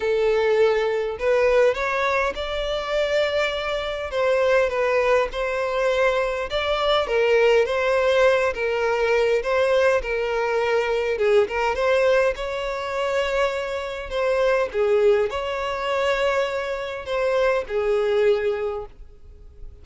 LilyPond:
\new Staff \with { instrumentName = "violin" } { \time 4/4 \tempo 4 = 102 a'2 b'4 cis''4 | d''2. c''4 | b'4 c''2 d''4 | ais'4 c''4. ais'4. |
c''4 ais'2 gis'8 ais'8 | c''4 cis''2. | c''4 gis'4 cis''2~ | cis''4 c''4 gis'2 | }